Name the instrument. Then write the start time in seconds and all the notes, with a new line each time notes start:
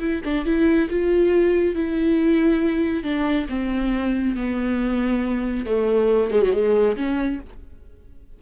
viola
0.00 E4
0.25 D4
0.45 E4
0.90 F4
1.75 E4
3.04 D4
3.49 C4
4.36 B3
5.66 A3
6.31 G#3
6.42 F#3
6.53 G#3
6.97 C#4